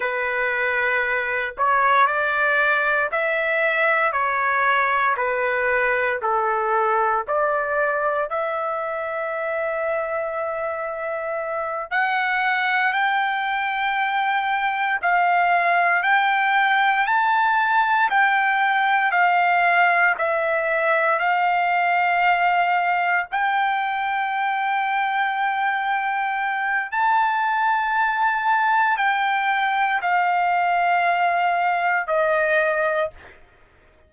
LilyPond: \new Staff \with { instrumentName = "trumpet" } { \time 4/4 \tempo 4 = 58 b'4. cis''8 d''4 e''4 | cis''4 b'4 a'4 d''4 | e''2.~ e''8 fis''8~ | fis''8 g''2 f''4 g''8~ |
g''8 a''4 g''4 f''4 e''8~ | e''8 f''2 g''4.~ | g''2 a''2 | g''4 f''2 dis''4 | }